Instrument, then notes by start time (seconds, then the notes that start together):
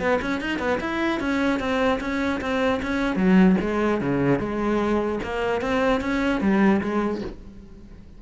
cello
0.00 B3
0.22 C#4
0.41 D#4
0.59 B3
0.81 E4
1.21 C#4
1.60 C4
2.01 C#4
2.41 C4
2.83 C#4
3.16 F#3
3.61 G#3
4.01 C#3
4.40 G#3
5.24 A#3
5.62 C4
6.01 C#4
6.41 G3
6.82 G#3